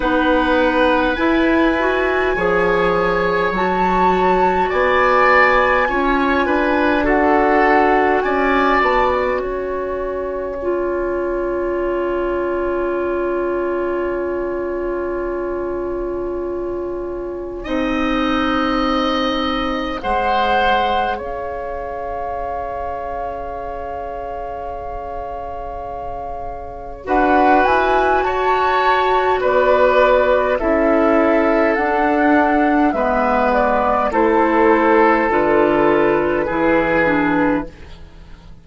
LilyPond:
<<
  \new Staff \with { instrumentName = "flute" } { \time 4/4 \tempo 4 = 51 fis''4 gis''2 a''4 | gis''2 fis''4 gis''8 a''16 gis''16~ | gis''1~ | gis''1~ |
gis''4 fis''4 f''2~ | f''2. fis''8 gis''8 | a''4 d''4 e''4 fis''4 | e''8 d''8 c''4 b'2 | }
  \new Staff \with { instrumentName = "oboe" } { \time 4/4 b'2 cis''2 | d''4 cis''8 b'8 a'4 d''4 | cis''1~ | cis''2. dis''4~ |
dis''4 c''4 cis''2~ | cis''2. b'4 | cis''4 b'4 a'2 | b'4 a'2 gis'4 | }
  \new Staff \with { instrumentName = "clarinet" } { \time 4/4 dis'4 e'8 fis'8 gis'4 fis'4~ | fis'4 f'4 fis'2~ | fis'4 f'2.~ | f'2. dis'4~ |
dis'4 gis'2.~ | gis'2. fis'4~ | fis'2 e'4 d'4 | b4 e'4 f'4 e'8 d'8 | }
  \new Staff \with { instrumentName = "bassoon" } { \time 4/4 b4 e'4 f4 fis4 | b4 cis'8 d'4. cis'8 b8 | cis'1~ | cis'2. c'4~ |
c'4 gis4 cis'2~ | cis'2. d'8 e'8 | fis'4 b4 cis'4 d'4 | gis4 a4 d4 e4 | }
>>